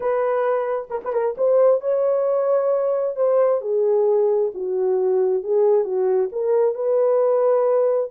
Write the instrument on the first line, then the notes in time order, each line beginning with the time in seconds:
horn
0.00 B4
0.90 A#4
1.04 B4
1.13 A#4
1.37 C5
1.80 C#5
3.16 C5
3.61 G#4
4.54 F#4
5.43 G#4
5.84 F#4
6.32 A#4
6.74 B4